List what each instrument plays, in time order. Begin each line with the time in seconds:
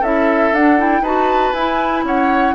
0.00 bassoon C#4, clarinet E4, oboe A4, flute E5
0.52 bassoon D4, clarinet D4, flute F#5
0.77 clarinet E4, flute G5
1.01 bassoon D#4, clarinet F#4, oboe B4, flute A5
1.53 bassoon E4, clarinet E4, flute G#5
2.03 bassoon C#4, oboe C#5, flute F#5